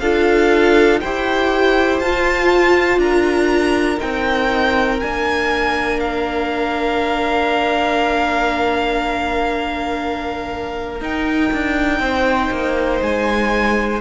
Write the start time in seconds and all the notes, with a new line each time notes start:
0.00 D4 F4 A4 F5
1.01 E4 G4 C5 G5
1.99 F4 A5
2.98 D4 A#4 A#5
3.98 C4 D#4 G5
5.00 A#3 D4 G#5
6.00 F5
11.00 D#4 G5
11.53 D4
12.00 C4 C5
12.51 A#3
13.02 G#3 G#5